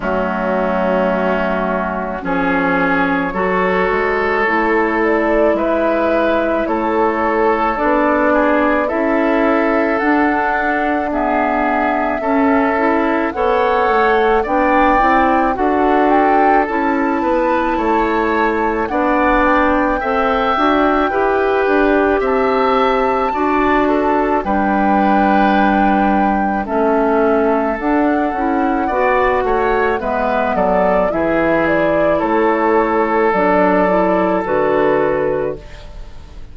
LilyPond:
<<
  \new Staff \with { instrumentName = "flute" } { \time 4/4 \tempo 4 = 54 fis'2 cis''2~ | cis''8 d''8 e''4 cis''4 d''4 | e''4 fis''4 e''2 | fis''4 g''4 fis''8 g''8 a''4~ |
a''4 fis''8 g''2~ g''8 | a''2 g''2 | e''4 fis''2 e''8 d''8 | e''8 d''8 cis''4 d''4 b'4 | }
  \new Staff \with { instrumentName = "oboe" } { \time 4/4 cis'2 gis'4 a'4~ | a'4 b'4 a'4. gis'8 | a'2 gis'4 a'4 | cis''4 d''4 a'4. b'8 |
cis''4 d''4 e''4 b'4 | e''4 d''8 a'8 b'2 | a'2 d''8 cis''8 b'8 a'8 | gis'4 a'2. | }
  \new Staff \with { instrumentName = "clarinet" } { \time 4/4 a2 cis'4 fis'4 | e'2. d'4 | e'4 d'4 b4 cis'8 e'8 | a'4 d'8 e'8 fis'4 e'4~ |
e'4 d'4 a'8 fis'8 g'4~ | g'4 fis'4 d'2 | cis'4 d'8 e'8 fis'4 b4 | e'2 d'8 e'8 fis'4 | }
  \new Staff \with { instrumentName = "bassoon" } { \time 4/4 fis2 f4 fis8 gis8 | a4 gis4 a4 b4 | cis'4 d'2 cis'4 | b8 a8 b8 c'8 d'4 cis'8 b8 |
a4 b4 c'8 d'8 e'8 d'8 | c'4 d'4 g2 | a4 d'8 cis'8 b8 a8 gis8 fis8 | e4 a4 fis4 d4 | }
>>